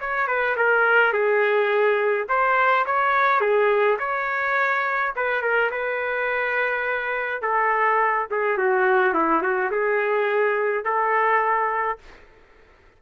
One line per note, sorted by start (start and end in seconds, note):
0.00 0.27 C#5
0.27 0.56 B4
0.56 1.13 A#4
1.13 2.27 G#4
2.28 2.85 C5
2.86 3.41 C#5
3.41 3.98 G#4
3.99 5.13 C#5
5.16 5.42 B4
5.42 5.70 A#4
5.71 7.42 B4
7.42 8.27 A4
8.30 8.58 G#4
8.58 9.14 F#4
9.14 9.42 E4
9.42 9.70 F#4
9.71 10.84 G#4
10.84 11.98 A4